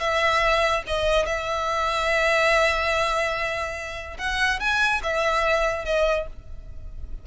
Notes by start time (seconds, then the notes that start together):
0.00 E5
0.87 D#5
1.26 E5
4.19 F#5
4.60 G#5
5.03 E5
5.85 D#5